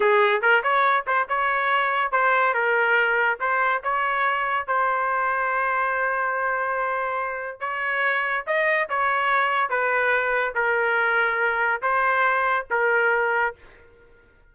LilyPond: \new Staff \with { instrumentName = "trumpet" } { \time 4/4 \tempo 4 = 142 gis'4 ais'8 cis''4 c''8 cis''4~ | cis''4 c''4 ais'2 | c''4 cis''2 c''4~ | c''1~ |
c''2 cis''2 | dis''4 cis''2 b'4~ | b'4 ais'2. | c''2 ais'2 | }